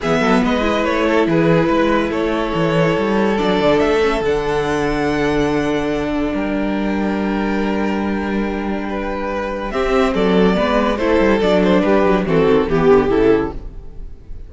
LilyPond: <<
  \new Staff \with { instrumentName = "violin" } { \time 4/4 \tempo 4 = 142 e''4 dis''4 cis''4 b'4~ | b'4 cis''2. | d''4 e''4 fis''2~ | fis''2. g''4~ |
g''1~ | g''2. e''4 | d''2 c''4 d''8 c''8 | b'4 a'4 g'4 a'4 | }
  \new Staff \with { instrumentName = "violin" } { \time 4/4 gis'8 a'8 b'4. a'8 gis'4 | b'4 a'2.~ | a'1~ | a'2. ais'4~ |
ais'1~ | ais'4 b'2 g'4 | a'4 b'4 a'2 | g'4 fis'4 g'2 | }
  \new Staff \with { instrumentName = "viola" } { \time 4/4 b4. e'2~ e'8~ | e'1 | d'4. cis'8 d'2~ | d'1~ |
d'1~ | d'2. c'4~ | c'4 b4 e'4 d'4~ | d'4 c'4 b4 e'4 | }
  \new Staff \with { instrumentName = "cello" } { \time 4/4 e8 fis8 gis4 a4 e4 | gis4 a4 e4 g4 | fis8 d8 a4 d2~ | d2. g4~ |
g1~ | g2. c'4 | fis4 gis4 a8 g8 fis4 | g8 fis8 e8 dis8 e8 d8 cis4 | }
>>